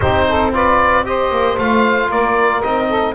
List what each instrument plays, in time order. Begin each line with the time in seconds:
0.00 double bass C4, trombone D#4, saxophone G4, oboe C5
0.28 saxophone A4
0.52 trombone F4, saxophone B4, oboe D5
1.04 trombone G4, saxophone C5, oboe D#5
1.30 double bass A#3
1.57 double bass A3, trombone F4, oboe F5
2.09 double bass A#3, saxophone A#4, oboe D5
2.62 double bass C4, trombone D#4, oboe D#5
2.88 saxophone A4